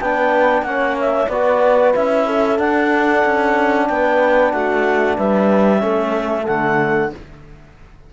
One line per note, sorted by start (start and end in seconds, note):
0.00 0.62 B3
0.00 0.66 D4
0.00 0.65 B4
0.00 0.63 G5
0.62 1.26 A#3
0.62 1.30 C#4
0.62 1.29 C#5
0.62 0.95 F#5
1.00 1.28 E5
1.28 1.93 B3
1.28 1.94 F#4
1.28 2.25 B4
1.28 1.92 D5
1.94 2.58 C#4
1.94 2.57 E4
1.94 2.58 E5
2.26 3.87 A4
2.57 5.78 D4
2.57 3.23 D4
2.57 3.87 F#5
3.25 3.89 C#4
3.87 4.53 B3
3.87 4.53 B4
3.87 4.51 G5
4.51 5.17 A3
4.51 5.17 F#4
4.51 5.16 F#5
5.17 5.82 G3
5.17 5.81 B4
5.17 6.46 E5
5.78 6.47 A3
5.78 6.42 C#4
5.78 7.12 A4
6.46 7.13 D3
6.46 7.11 A3
6.46 7.10 F#5